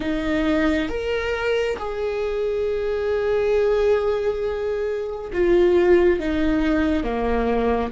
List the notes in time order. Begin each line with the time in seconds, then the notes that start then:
0.00 D#4
0.88 A#4
1.78 G#4
5.32 F4
6.19 D#4
7.03 A#3